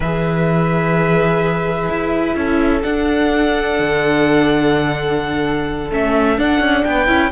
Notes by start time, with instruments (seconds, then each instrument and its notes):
0.00 cello E3, viola G#4, violin B4 E5
1.88 cello E4
2.34 cello C#4, viola E4, violin A4
2.82 viola D4, cello D4, violin F#5
3.79 cello D3
5.90 cello A3, viola C#4, violin E5
6.37 cello D4, viola D4, violin F#5
6.60 cello C#4
6.84 cello B3, violin B4 G5
7.06 cello C#4, viola E4